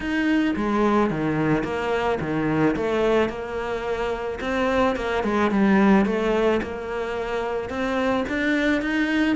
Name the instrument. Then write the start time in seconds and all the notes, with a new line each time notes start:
cello
0.00 D#4
0.56 G#3
1.10 D#3
1.63 A#3
2.20 D#3
2.75 A3
3.29 A#3
4.41 C4
4.96 A#3
5.23 G#3
5.50 G3
6.05 A3
6.62 A#3
7.69 C4
8.28 D4
8.81 D#4